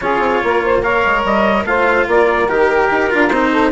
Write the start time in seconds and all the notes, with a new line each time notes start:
0.00 C#4 F4 G#4 C#5
0.19 C4
0.43 A#3 A#4
0.64 C5
0.82 A#4 C#5 F5
1.05 G#3
1.24 G3 D#5
1.64 A3 F4 C5 F5
2.07 A#3 A#4 D5
2.47 D#3 G4 A#4
2.90 D#4
3.09 D4 F4
3.29 C4 D#4 C5
3.51 A4